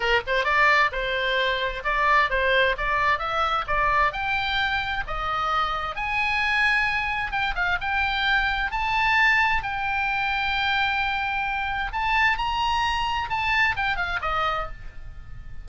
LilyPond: \new Staff \with { instrumentName = "oboe" } { \time 4/4 \tempo 4 = 131 ais'8 c''8 d''4 c''2 | d''4 c''4 d''4 e''4 | d''4 g''2 dis''4~ | dis''4 gis''2. |
g''8 f''8 g''2 a''4~ | a''4 g''2.~ | g''2 a''4 ais''4~ | ais''4 a''4 g''8 f''8 dis''4 | }